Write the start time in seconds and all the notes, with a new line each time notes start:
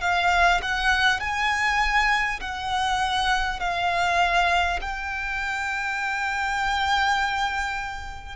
0.00 F5
0.62 F#5
1.20 G#5
2.40 F#5
3.59 F5
4.81 G5